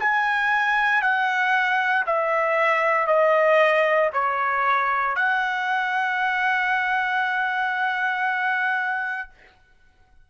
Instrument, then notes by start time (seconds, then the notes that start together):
trumpet
0.00 G#5
1.02 F#5
2.06 E5
3.07 D#5
4.13 C#5
5.16 F#5